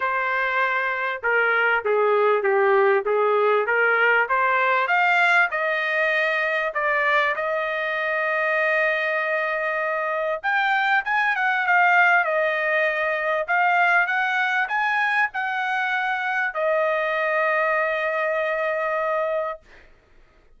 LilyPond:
\new Staff \with { instrumentName = "trumpet" } { \time 4/4 \tempo 4 = 98 c''2 ais'4 gis'4 | g'4 gis'4 ais'4 c''4 | f''4 dis''2 d''4 | dis''1~ |
dis''4 g''4 gis''8 fis''8 f''4 | dis''2 f''4 fis''4 | gis''4 fis''2 dis''4~ | dis''1 | }